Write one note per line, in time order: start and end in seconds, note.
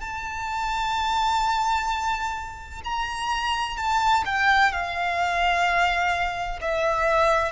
0.00 2.81 A5
2.84 3.77 A#5
3.77 4.24 A5
4.25 4.72 G5
4.72 6.59 F5
6.61 7.51 E5